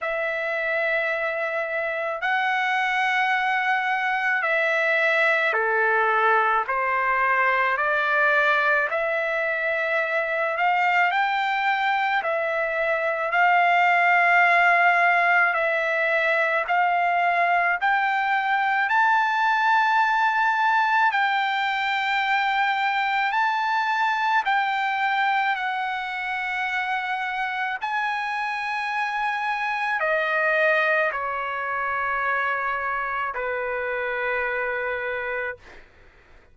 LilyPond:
\new Staff \with { instrumentName = "trumpet" } { \time 4/4 \tempo 4 = 54 e''2 fis''2 | e''4 a'4 c''4 d''4 | e''4. f''8 g''4 e''4 | f''2 e''4 f''4 |
g''4 a''2 g''4~ | g''4 a''4 g''4 fis''4~ | fis''4 gis''2 dis''4 | cis''2 b'2 | }